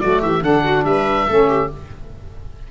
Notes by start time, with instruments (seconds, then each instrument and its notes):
0.00 tuba F#3, saxophone A3, viola F#4, oboe D5
0.20 tuba E3, viola G4, oboe E5
0.42 tuba D3, saxophone D4, viola A4, oboe F#5
0.64 viola F#4
0.84 tuba G3, viola B4, oboe E5
1.28 tuba A3, saxophone C#4, viola A4
1.48 viola G4